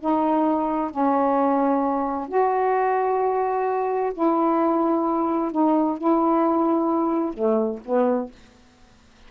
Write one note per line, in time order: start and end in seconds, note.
0.00 0.91 D#4
0.91 2.28 C#4
2.28 4.13 F#4
4.13 5.52 E4
5.52 5.98 D#4
5.98 7.33 E4
7.33 7.79 A3
7.85 8.31 B3